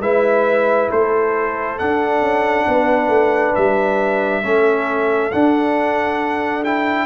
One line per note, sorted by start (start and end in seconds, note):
0.00 0.88 G#3
0.00 1.78 E4
0.00 0.90 B4
0.00 0.89 E5
0.90 1.80 A3
0.90 2.66 A4
0.90 1.78 C5
1.78 4.43 D4
1.78 2.21 D4
1.78 3.55 F#5
2.21 2.65 C#4
2.67 3.08 B3
2.67 4.43 B4
3.08 3.52 A3
3.55 4.43 G3
3.55 5.31 E5
4.43 5.31 A3
4.43 5.31 C#4
4.43 7.06 A4
5.31 6.64 D4
5.31 7.06 D4
5.31 6.63 F#5
6.64 7.06 E4
6.64 7.06 G5